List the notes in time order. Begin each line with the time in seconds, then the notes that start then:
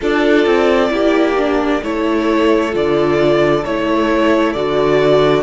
0.01 D4 F4 A4 D5
0.45 C4
0.89 A#3 E4 G4
1.37 D4
1.82 A3 E4 A4 C#5
2.71 D3 F4 D5
3.64 A3 E4 C#5
4.52 D3 F#4 D5